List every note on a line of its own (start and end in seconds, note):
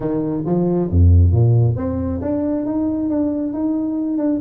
0.00 0.44 D#3
0.45 0.89 F3
0.90 1.31 F2
1.31 1.75 A#2
1.76 2.20 C4
2.21 2.65 D4
2.65 3.09 D#4
3.09 3.53 D4
3.53 4.17 D#4
4.17 4.39 D4